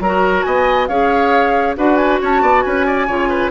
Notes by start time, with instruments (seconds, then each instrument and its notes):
0.00 bassoon F#3, clarinet F#4, oboe A#4, flute A#5
0.43 bassoon B3, oboe D#5, flute G#5
0.87 bassoon C#4, clarinet G#4, oboe C#5, flute F5
1.77 bassoon D4, clarinet F#4, oboe B4, flute F#5
1.96 flute G#5
2.21 bassoon C#4, oboe C#5, flute A5
2.42 bassoon B3, oboe D5
2.62 bassoon C#4, oboe B4, flute G#5
2.86 oboe D5
3.07 bassoon C#3, clarinet F4, oboe C#5
3.29 oboe B4